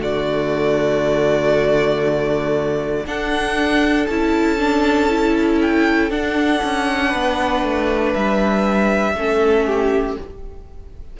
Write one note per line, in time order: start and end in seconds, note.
0.00 3.06 D3
0.00 3.06 A3
0.00 3.05 F#4
0.00 3.07 D5
3.06 4.08 D4
3.06 4.09 D4
3.06 7.09 A4
3.06 4.07 F#5
4.07 6.11 C#4
4.07 4.59 E4
4.07 5.59 A5
4.59 5.10 D4
5.10 6.11 E4
5.62 6.12 G5
6.11 9.16 D4
6.11 6.62 D4
6.11 8.14 F#5
6.64 7.14 C#4
7.09 7.63 B3
7.09 9.12 B4
7.63 8.14 A3
8.14 9.15 G3
8.14 10.17 E5
9.15 10.17 A3
9.15 10.20 C#4
9.15 9.67 A4
9.67 10.17 G4